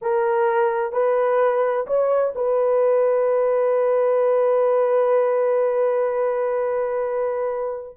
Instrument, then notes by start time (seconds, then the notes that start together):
horn
0.01 A#4
0.92 B4
1.86 C#5
2.35 B4